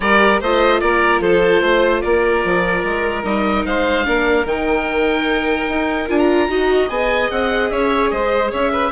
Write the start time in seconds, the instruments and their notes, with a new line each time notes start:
0.00 bassoon G3, viola G4, violin A#4, oboe D5
0.40 bassoon A3, viola F4, violin C5, oboe D#5
0.80 bassoon A#3, violin A#4, oboe D5
1.20 bassoon F3, violin A4, oboe C5
1.61 bassoon A3, violin C5
2.00 bassoon A#3, violin A#4, oboe D5
2.44 bassoon F3
2.83 bassoon G#3
3.23 bassoon G3, viola D#4, oboe D#5
3.65 bassoon G#3, violin C5, oboe F5
4.04 bassoon A#3, viola D4, violin A#4
4.44 bassoon D#3, viola D#4, oboe G5
5.68 bassoon D#4
6.08 bassoon D4, viola F4, oboe G#5
6.18 oboe A#5
6.48 bassoon D#4, viola F#4, violin D#5
6.88 bassoon B3, viola G#4, oboe G#5
7.30 bassoon C4, oboe F#5
7.69 bassoon C#4, violin C#5, oboe E5
8.10 bassoon G#3, violin C5, oboe D#5
8.51 bassoon C#4, violin C#5, oboe E5
8.72 violin B4